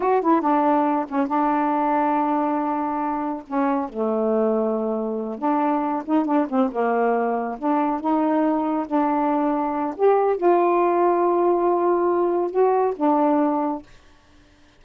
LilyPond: \new Staff \with { instrumentName = "saxophone" } { \time 4/4 \tempo 4 = 139 fis'8 e'8 d'4. cis'8 d'4~ | d'1 | cis'4 a2.~ | a8 d'4. dis'8 d'8 c'8 ais8~ |
ais4. d'4 dis'4.~ | dis'8 d'2~ d'8 g'4 | f'1~ | f'4 fis'4 d'2 | }